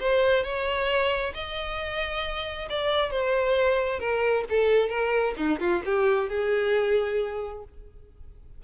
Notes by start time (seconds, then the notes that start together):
0.00 C5
0.44 C#5
1.34 D#5
2.69 D5
3.11 C5
4.00 A#4
4.50 A4
4.89 A#4
5.37 D#4
5.60 F4
5.85 G4
6.29 G#4